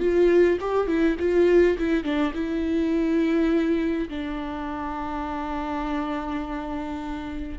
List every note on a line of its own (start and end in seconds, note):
0.00 0.58 F4
0.61 0.87 G4
0.87 1.17 E4
1.19 1.78 F4
1.78 2.04 E4
2.04 2.33 D4
2.34 4.09 E4
4.09 7.59 D4